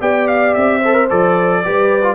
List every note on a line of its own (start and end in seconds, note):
0.00 0.55 B3
0.00 0.81 G4
0.00 0.79 D5
0.00 0.27 G5
0.27 0.54 F5
0.54 1.10 C4
0.54 1.08 E5
0.79 0.94 A4
0.79 1.60 C5
0.94 1.07 A#4
1.09 1.65 F3
1.09 1.63 A4
1.09 2.15 D5
1.64 2.15 G3
1.64 2.03 G4
1.64 2.15 B4
2.03 2.15 F4